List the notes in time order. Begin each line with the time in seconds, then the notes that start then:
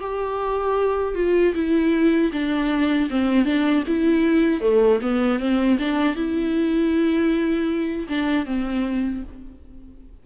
0.00 G4
1.15 F4
1.55 E4
2.33 D4
3.10 C4
3.45 D4
3.87 E4
4.61 A3
5.02 B3
5.40 C4
5.79 D4
6.16 E4
8.09 D4
8.46 C4